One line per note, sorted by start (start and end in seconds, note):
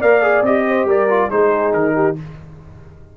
0.00 0.42 A#3
0.00 0.22 A#4
0.00 0.64 D5
0.00 0.44 F5
0.22 0.44 G#4
0.42 0.85 C4
0.42 1.09 G4
0.42 0.88 D#5
0.68 0.88 C5
0.85 1.28 G3
0.85 1.30 A#4
0.85 1.30 D5
1.09 1.30 F4
1.30 1.74 G#3
1.30 2.16 D#4
1.30 1.94 G#4
1.30 1.73 C5
1.73 2.17 D#3
1.73 2.16 A#4
1.95 2.16 G4